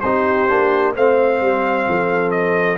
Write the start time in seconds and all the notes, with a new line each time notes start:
0.00 C4 D#4 G4 C5
0.49 A#3 D4
0.94 A3 C4 C5 F5
1.41 G3
1.88 F3 A4
2.31 D#5